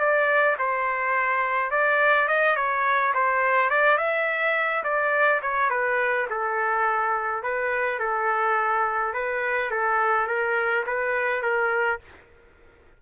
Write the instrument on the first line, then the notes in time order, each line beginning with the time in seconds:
trumpet
0.00 D5
0.59 C5
1.71 D5
2.29 D#5
2.57 C#5
3.14 C5
3.71 D5
3.98 E5
4.84 D5
5.43 C#5
5.70 B4
6.31 A4
7.43 B4
8.00 A4
9.14 B4
9.71 A4
10.28 A#4
10.87 B4
11.43 A#4